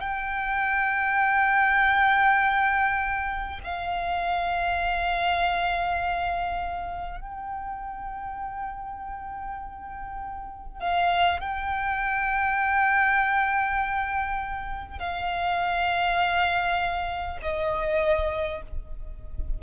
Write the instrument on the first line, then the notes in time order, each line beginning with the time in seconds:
violin
0.00 G5
3.63 F5
7.21 G5
10.79 F5
11.39 G5
14.98 F5
17.42 D#5